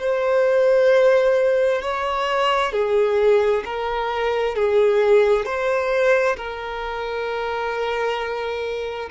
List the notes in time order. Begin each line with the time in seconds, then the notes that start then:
0.00 C5
1.82 C#5
2.73 G#4
3.65 A#4
4.56 G#4
5.45 C5
6.37 A#4